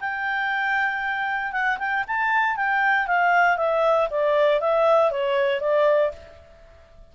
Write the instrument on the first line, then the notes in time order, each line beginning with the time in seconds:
clarinet
0.00 G5
1.52 F#5
1.79 G5
2.07 A5
2.56 G5
3.07 F5
3.57 E5
4.10 D5
4.60 E5
5.11 C#5
5.60 D5